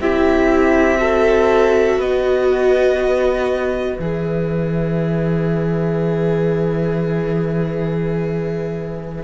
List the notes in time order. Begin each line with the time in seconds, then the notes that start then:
0.00 C4 E4 G4 E5
0.98 F#4 A4
1.97 B3 B4 D#5
3.99 E3 G#4 E5